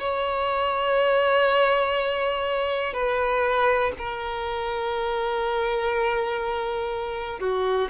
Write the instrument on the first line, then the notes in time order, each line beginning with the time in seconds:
violin
0.00 C#5
2.94 B4
3.98 A#4
7.39 F#4